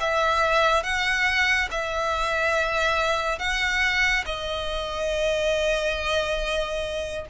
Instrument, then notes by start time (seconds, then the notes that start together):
violin
0.00 E5
0.83 F#5
1.71 E5
3.39 F#5
4.26 D#5